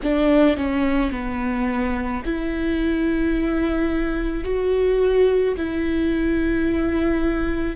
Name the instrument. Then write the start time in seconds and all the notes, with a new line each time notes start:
viola
0.03 D4
0.56 C#4
1.11 B3
2.25 E4
4.44 F#4
5.57 E4